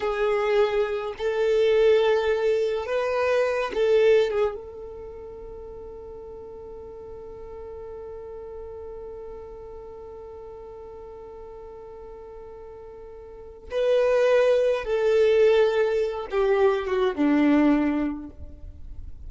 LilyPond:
\new Staff \with { instrumentName = "violin" } { \time 4/4 \tempo 4 = 105 gis'2 a'2~ | a'4 b'4. a'4 gis'8 | a'1~ | a'1~ |
a'1~ | a'1 | b'2 a'2~ | a'8 g'4 fis'8 d'2 | }